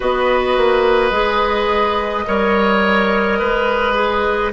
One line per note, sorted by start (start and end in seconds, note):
0.00 0.57 B3
0.00 1.12 F#4
0.00 2.25 B4
0.00 4.52 D#5
0.57 1.10 A#3
1.10 2.24 G#3
1.10 2.25 G#4
2.26 3.41 G3
2.26 3.94 A#4
2.26 3.38 C#5
3.38 4.52 G#3
3.38 4.52 B4
3.94 4.51 G#4